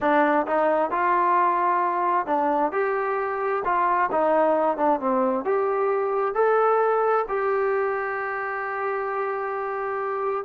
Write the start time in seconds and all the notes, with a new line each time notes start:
0.01 D4
0.46 D#4
0.90 F4
2.26 D4
2.72 G4
3.64 F4
4.11 D#4
4.77 D4
4.99 C4
5.44 G4
6.34 A4
7.28 G4